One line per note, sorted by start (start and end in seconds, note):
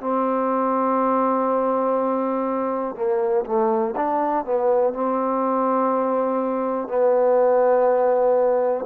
0.00 2.95 C4
2.96 3.45 A#3
3.45 3.94 A3
3.96 4.45 D4
4.45 4.93 B3
4.93 6.88 C4
6.88 8.85 B3